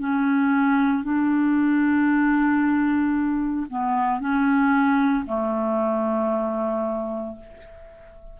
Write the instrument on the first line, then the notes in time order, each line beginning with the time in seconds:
clarinet
0.00 C#4
1.03 D4
3.69 B3
4.20 C#4
5.26 A3